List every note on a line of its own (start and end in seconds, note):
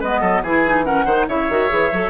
0.00 0.21 G#3
0.00 0.46 B3
0.00 0.21 B4
0.00 0.43 D#5
0.21 0.42 F#3
0.21 0.42 A4
0.42 1.05 E3
0.42 0.66 E4
0.42 0.85 G#4
0.42 0.84 G#5
0.66 0.85 D#4
0.84 1.06 C#4
0.84 1.05 A#4
0.84 1.26 F#5
1.05 1.27 D#3
1.05 1.29 D#4
1.05 1.26 C5
1.28 1.49 C#3
1.28 1.50 E4
1.28 2.10 C#5
1.28 2.10 E5
1.49 1.70 D#3
1.49 1.69 F#4
1.69 1.92 E3
1.69 1.90 G#4
1.92 2.10 F#3
1.92 2.10 A4